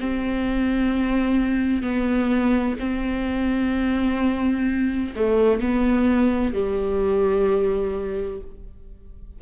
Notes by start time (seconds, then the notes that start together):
0.00 C4
1.82 B3
2.79 C4
5.15 A3
5.60 B3
6.53 G3